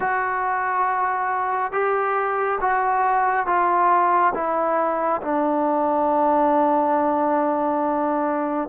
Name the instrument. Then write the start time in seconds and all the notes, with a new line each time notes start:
trombone
0.00 F#4
1.72 G4
2.60 F#4
3.46 F4
4.34 E4
5.22 D4